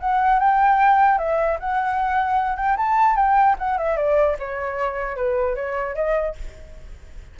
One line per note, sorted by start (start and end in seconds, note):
0.00 0.40 F#5
0.40 1.19 G5
1.19 1.59 E5
1.60 2.57 F#5
2.57 2.77 G5
2.77 3.16 A5
3.16 3.56 G5
3.59 3.78 F#5
3.78 3.97 E5
3.97 4.37 D5
4.39 5.17 C#5
5.17 5.56 B4
5.56 5.95 C#5
5.95 6.35 D#5